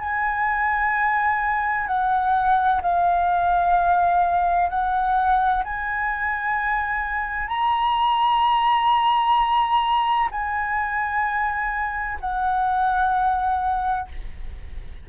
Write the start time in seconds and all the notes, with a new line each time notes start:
0.00 G#5
1.87 F#5
2.82 F5
4.69 F#5
5.64 G#5
7.47 A#5
10.31 G#5
12.20 F#5